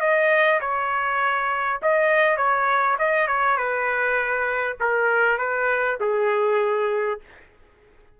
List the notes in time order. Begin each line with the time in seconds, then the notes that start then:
0.00 D#5
0.61 C#5
1.82 D#5
2.37 C#5
2.98 D#5
3.27 C#5
3.57 B4
4.80 A#4
5.38 B4
6.00 G#4